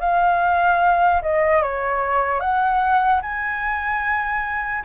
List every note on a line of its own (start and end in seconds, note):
0.00 1.22 F5
1.22 1.63 D#5
1.63 2.40 C#5
2.40 3.21 F#5
3.22 4.84 G#5